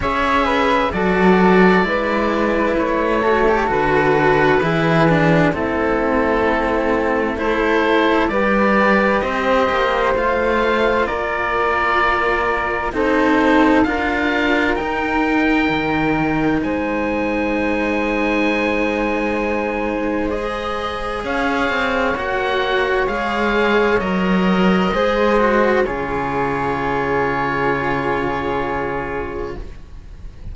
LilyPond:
<<
  \new Staff \with { instrumentName = "oboe" } { \time 4/4 \tempo 4 = 65 e''4 d''2 cis''4 | b'2 a'2 | c''4 d''4 dis''4 f''4 | d''2 c''4 f''4 |
g''2 gis''2~ | gis''2 dis''4 f''4 | fis''4 f''4 dis''2 | cis''1 | }
  \new Staff \with { instrumentName = "flute" } { \time 4/4 cis''8 b'8 a'4 b'4. a'8~ | a'4 gis'4 e'2 | a'4 b'4 c''2 | ais'2 a'4 ais'4~ |
ais'2 c''2~ | c''2. cis''4~ | cis''2. c''4 | gis'1 | }
  \new Staff \with { instrumentName = "cello" } { \time 4/4 gis'4 fis'4 e'4. fis'16 g'16 | fis'4 e'8 d'8 c'2 | e'4 g'2 f'4~ | f'2 dis'4 f'4 |
dis'1~ | dis'2 gis'2 | fis'4 gis'4 ais'4 gis'8 fis'8 | f'1 | }
  \new Staff \with { instrumentName = "cello" } { \time 4/4 cis'4 fis4 gis4 a4 | d4 e4 a2~ | a4 g4 c'8 ais8 a4 | ais2 c'4 d'4 |
dis'4 dis4 gis2~ | gis2. cis'8 c'8 | ais4 gis4 fis4 gis4 | cis1 | }
>>